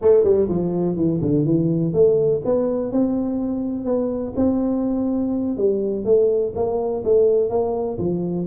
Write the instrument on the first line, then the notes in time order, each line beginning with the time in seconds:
tuba
0.01 A3
0.24 G3
0.49 F3
0.96 E3
1.21 D3
1.45 E3
1.93 A3
2.45 B3
2.91 C4
3.84 B3
4.36 C4
5.57 G3
6.04 A3
6.55 A#3
7.04 A3
7.49 A#3
7.98 F3